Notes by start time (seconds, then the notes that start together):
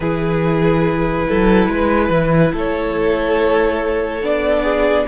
0.00 E3 E4 G#4 B4
1.28 F#3 A4
1.68 G#3 B4
2.09 E3
2.52 A3 A4 C#5
4.22 B3 D4 D5
4.62 G#4